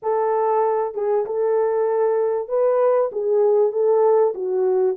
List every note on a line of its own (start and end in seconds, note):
0.02 0.94 A4
0.94 1.25 G#4
1.25 2.48 A4
2.48 3.10 B4
3.12 3.71 G#4
3.71 4.33 A4
4.34 4.96 F#4